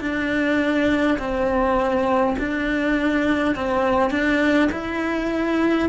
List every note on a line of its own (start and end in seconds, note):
0.00 1.18 D4
1.18 2.36 C4
2.39 3.55 D4
3.55 4.10 C4
4.10 4.69 D4
4.72 5.89 E4